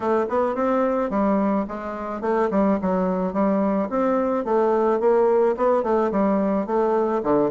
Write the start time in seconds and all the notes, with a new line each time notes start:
0.00 A3
0.29 B3
0.55 C4
1.10 G3
1.67 G#3
2.21 A3
2.51 G3
2.81 F#3
3.33 G3
3.89 C4
4.44 A3
4.99 A#3
5.57 B3
5.83 A3
6.11 G3
6.66 A3
7.23 D3